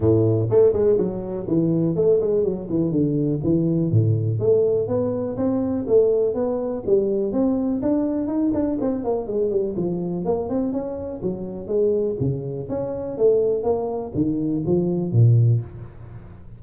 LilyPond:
\new Staff \with { instrumentName = "tuba" } { \time 4/4 \tempo 4 = 123 a,4 a8 gis8 fis4 e4 | a8 gis8 fis8 e8 d4 e4 | a,4 a4 b4 c'4 | a4 b4 g4 c'4 |
d'4 dis'8 d'8 c'8 ais8 gis8 g8 | f4 ais8 c'8 cis'4 fis4 | gis4 cis4 cis'4 a4 | ais4 dis4 f4 ais,4 | }